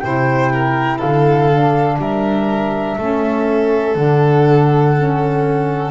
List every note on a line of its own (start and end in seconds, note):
0.00 1.01 C3
0.00 1.50 E4
0.00 0.53 C5
0.00 0.98 G5
0.53 0.98 A#4
0.98 1.99 D3
0.98 1.97 A4
0.98 1.99 F5
1.51 2.99 D4
1.99 2.97 G3
1.99 2.98 A#4
1.99 3.97 E5
2.98 3.95 A3
2.98 3.96 C#4
2.98 5.91 A4
3.95 5.91 D3
3.95 4.94 D4
3.95 5.91 F#5
4.95 5.91 C#4